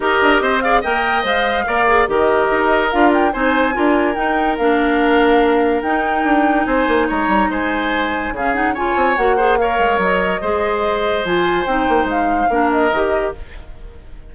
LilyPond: <<
  \new Staff \with { instrumentName = "flute" } { \time 4/4 \tempo 4 = 144 dis''4. f''8 g''4 f''4~ | f''4 dis''2 f''8 g''8 | gis''2 g''4 f''4~ | f''2 g''2 |
gis''4 ais''4 gis''2 | f''8 fis''8 gis''4 fis''4 f''4 | dis''2. gis''4 | g''4 f''4. dis''4. | }
  \new Staff \with { instrumentName = "oboe" } { \time 4/4 ais'4 c''8 d''8 dis''2 | d''4 ais'2. | c''4 ais'2.~ | ais'1 |
c''4 cis''4 c''2 | gis'4 cis''4. c''8 cis''4~ | cis''4 c''2.~ | c''2 ais'2 | }
  \new Staff \with { instrumentName = "clarinet" } { \time 4/4 g'4. gis'8 ais'4 c''4 | ais'8 gis'8 g'2 f'4 | dis'4 f'4 dis'4 d'4~ | d'2 dis'2~ |
dis'1 | cis'8 dis'8 f'4 fis'8 gis'8 ais'4~ | ais'4 gis'2 f'4 | dis'2 d'4 g'4 | }
  \new Staff \with { instrumentName = "bassoon" } { \time 4/4 dis'8 d'8 c'4 ais4 gis4 | ais4 dis4 dis'4 d'4 | c'4 d'4 dis'4 ais4~ | ais2 dis'4 d'4 |
c'8 ais8 gis8 g8 gis2 | cis4. c'8 ais4. gis8 | fis4 gis2 f4 | c'8 ais8 gis4 ais4 dis4 | }
>>